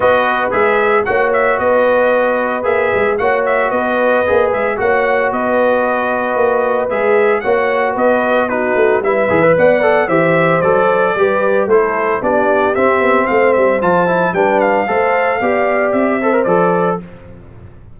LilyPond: <<
  \new Staff \with { instrumentName = "trumpet" } { \time 4/4 \tempo 4 = 113 dis''4 e''4 fis''8 e''8 dis''4~ | dis''4 e''4 fis''8 e''8 dis''4~ | dis''8 e''8 fis''4 dis''2~ | dis''4 e''4 fis''4 dis''4 |
b'4 e''4 fis''4 e''4 | d''2 c''4 d''4 | e''4 f''8 e''8 a''4 g''8 f''8~ | f''2 e''4 d''4 | }
  \new Staff \with { instrumentName = "horn" } { \time 4/4 b'2 cis''4 b'4~ | b'2 cis''4 b'4~ | b'4 cis''4 b'2~ | b'2 cis''4 b'4 |
fis'4 b'4 d''4 c''4~ | c''4 b'4 a'4 g'4~ | g'4 c''2 b'4 | c''4 d''4. c''4. | }
  \new Staff \with { instrumentName = "trombone" } { \time 4/4 fis'4 gis'4 fis'2~ | fis'4 gis'4 fis'2 | gis'4 fis'2.~ | fis'4 gis'4 fis'2 |
dis'4 e'8 gis'16 b'8. a'8 g'4 | a'4 g'4 e'4 d'4 | c'2 f'8 e'8 d'4 | a'4 g'4. a'16 ais'16 a'4 | }
  \new Staff \with { instrumentName = "tuba" } { \time 4/4 b4 gis4 ais4 b4~ | b4 ais8 gis8 ais4 b4 | ais8 gis8 ais4 b2 | ais4 gis4 ais4 b4~ |
b8 a8 g8 e8 b4 e4 | fis4 g4 a4 b4 | c'8 b8 a8 g8 f4 g4 | a4 b4 c'4 f4 | }
>>